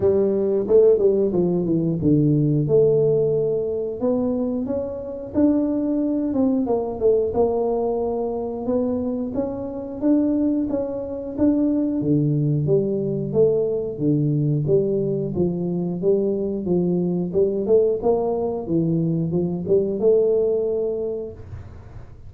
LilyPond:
\new Staff \with { instrumentName = "tuba" } { \time 4/4 \tempo 4 = 90 g4 a8 g8 f8 e8 d4 | a2 b4 cis'4 | d'4. c'8 ais8 a8 ais4~ | ais4 b4 cis'4 d'4 |
cis'4 d'4 d4 g4 | a4 d4 g4 f4 | g4 f4 g8 a8 ais4 | e4 f8 g8 a2 | }